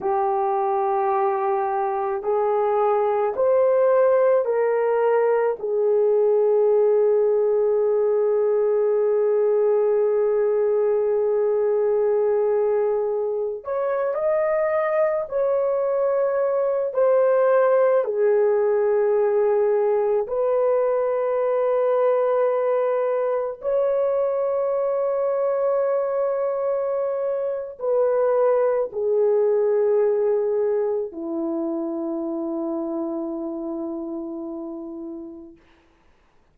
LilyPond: \new Staff \with { instrumentName = "horn" } { \time 4/4 \tempo 4 = 54 g'2 gis'4 c''4 | ais'4 gis'2.~ | gis'1~ | gis'16 cis''8 dis''4 cis''4. c''8.~ |
c''16 gis'2 b'4.~ b'16~ | b'4~ b'16 cis''2~ cis''8.~ | cis''4 b'4 gis'2 | e'1 | }